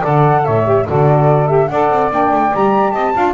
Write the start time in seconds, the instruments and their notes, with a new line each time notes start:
0.00 double bass D3, saxophone A4 D5, flute F#5
0.44 double bass A2, saxophone C#5, flute E5
0.64 saxophone G4
0.87 double bass D3, saxophone F#4 A4, flute D5
1.47 saxophone G4, flute E5
1.68 double bass D4, saxophone A4 D5, flute F#5
1.89 double bass C4
2.11 double bass A#3, saxophone D4, flute G5
2.31 double bass A3
2.53 double bass G3, saxophone G4, flute A#5
2.91 double bass C4, saxophone D#5, flute A5
3.15 double bass D4, saxophone F4 F5